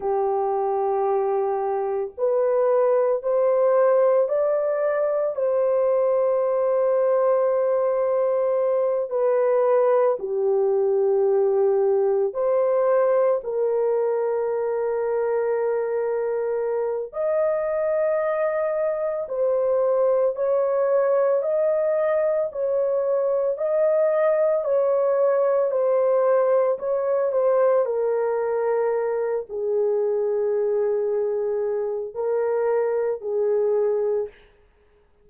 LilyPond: \new Staff \with { instrumentName = "horn" } { \time 4/4 \tempo 4 = 56 g'2 b'4 c''4 | d''4 c''2.~ | c''8 b'4 g'2 c''8~ | c''8 ais'2.~ ais'8 |
dis''2 c''4 cis''4 | dis''4 cis''4 dis''4 cis''4 | c''4 cis''8 c''8 ais'4. gis'8~ | gis'2 ais'4 gis'4 | }